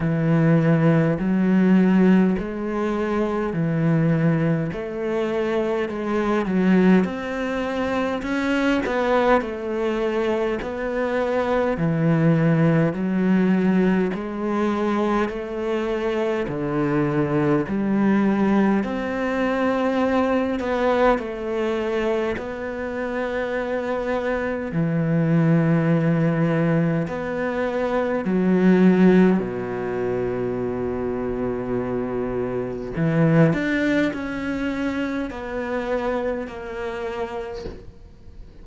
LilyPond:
\new Staff \with { instrumentName = "cello" } { \time 4/4 \tempo 4 = 51 e4 fis4 gis4 e4 | a4 gis8 fis8 c'4 cis'8 b8 | a4 b4 e4 fis4 | gis4 a4 d4 g4 |
c'4. b8 a4 b4~ | b4 e2 b4 | fis4 b,2. | e8 d'8 cis'4 b4 ais4 | }